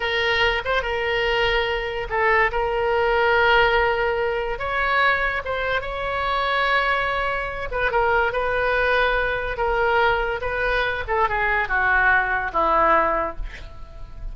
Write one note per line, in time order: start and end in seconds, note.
0.00 0.62 A#4
0.65 0.82 C5
0.82 2.07 A#4
2.09 2.51 A4
2.51 4.58 A#4
4.58 5.42 C#5
5.45 5.81 C5
5.81 7.68 C#5
7.71 7.91 B4
7.91 8.32 A#4
8.32 9.57 B4
9.57 10.40 A#4
10.41 11.03 B4
11.07 11.28 A4
11.28 11.68 G#4
11.68 12.51 F#4
12.52 13.36 E4